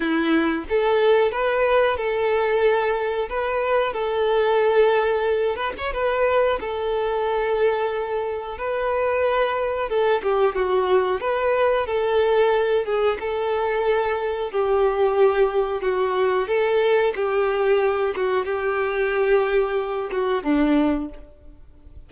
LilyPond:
\new Staff \with { instrumentName = "violin" } { \time 4/4 \tempo 4 = 91 e'4 a'4 b'4 a'4~ | a'4 b'4 a'2~ | a'8 b'16 cis''16 b'4 a'2~ | a'4 b'2 a'8 g'8 |
fis'4 b'4 a'4. gis'8 | a'2 g'2 | fis'4 a'4 g'4. fis'8 | g'2~ g'8 fis'8 d'4 | }